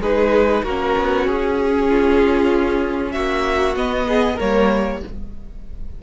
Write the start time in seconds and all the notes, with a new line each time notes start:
0.00 G#3 D#4 G#4 B4
0.63 A#3 C#4 F#4 A#4
0.98 B3
1.26 C#4 G#4
1.88 F4
3.12 A#3 F#4 E5
3.76 B3 D#5
4.07 G#4
4.35 G3 A#3 A#4 C#5